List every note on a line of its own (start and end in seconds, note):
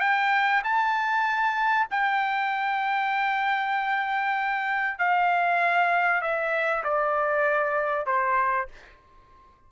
0.00 0.62 G5
0.64 1.87 A5
1.90 4.98 G5
4.98 6.21 F5
6.21 6.83 E5
6.84 8.06 D5
8.06 8.68 C5